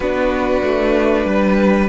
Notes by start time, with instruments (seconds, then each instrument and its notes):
0.00 cello B3, viola D4, violin F#4 B4
0.62 cello A3
1.25 cello G3, violin B4